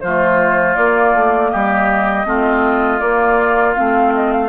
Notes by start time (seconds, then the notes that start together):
0.00 F3 A3 F4 C5
0.75 A#3 D5
1.14 A3
1.49 G3 G4 D#5
2.25 A3 C4 F4
2.99 A#3 D5
3.75 A3 C4 F5
4.15 D#5
4.32 F5